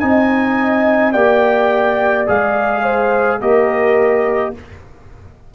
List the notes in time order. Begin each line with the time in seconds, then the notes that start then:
0.00 C4 D#4 D#5 G#5
1.13 A#3 G4 D5 G5
2.27 G#3 G#4 F5
2.83 C5
3.41 A#3 G4 A#4 D#5